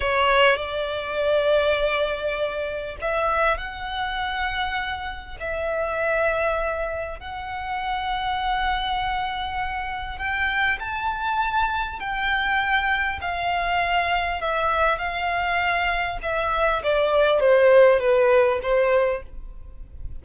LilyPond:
\new Staff \with { instrumentName = "violin" } { \time 4/4 \tempo 4 = 100 cis''4 d''2.~ | d''4 e''4 fis''2~ | fis''4 e''2. | fis''1~ |
fis''4 g''4 a''2 | g''2 f''2 | e''4 f''2 e''4 | d''4 c''4 b'4 c''4 | }